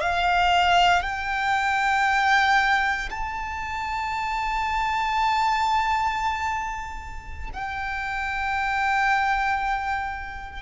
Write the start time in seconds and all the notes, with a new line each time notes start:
0.00 F5
1.02 G5
3.10 A5
7.53 G5